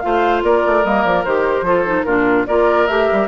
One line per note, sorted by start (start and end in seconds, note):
0.00 0.43 A3
0.00 0.84 F4
0.00 0.44 C5
0.00 0.41 F5
0.43 0.63 A#3
0.43 1.66 A#4
0.43 0.85 D5
0.66 0.84 A3
0.84 1.05 G3
0.84 1.25 A#3
0.84 1.03 D#5
1.03 1.25 F3
1.03 1.23 D5
1.25 1.62 D#3
1.25 1.66 G4
1.25 2.03 C5
1.62 2.03 F3
1.62 1.86 F4
1.62 2.06 A4
1.86 2.06 D#4
2.03 2.47 A#2
2.03 2.48 D4
2.03 2.46 F4
2.03 2.44 A#4
2.46 2.88 A#3
2.46 2.88 F4
2.46 3.28 A#4
2.46 2.87 D5
2.87 3.09 A3
2.87 3.28 G4
2.87 3.28 E5
3.12 3.28 G3